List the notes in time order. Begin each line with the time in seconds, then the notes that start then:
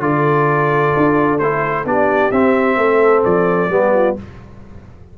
0.00 D3 F4 A4 D5
0.97 D4
1.39 A3 E4 C5
1.85 B3 D4 G4 D5
2.31 C4 E5
2.77 A3 A4
3.24 F3 D5
3.70 G3 B3 G4
3.95 F4